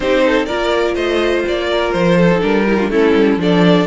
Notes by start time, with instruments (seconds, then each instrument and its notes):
0.00 cello C4, viola D#4, violin G4 C5
0.25 violin A4
0.45 cello A#3, viola F4, violin A#4 D5
0.95 cello A3, violin C5 D#5
1.47 cello A#3, violin D5
1.71 violin A#4
1.92 cello F3, violin C5
2.17 violin A4
2.30 viola D#4
2.41 cello G3, viola D4, violin A#4
2.67 viola E4, violin G4
2.77 viola D4, violin F4
2.89 cello A3, viola C#4, violin E4 A4
3.14 cello G3
3.37 cello F3, viola D4, violin A4 D5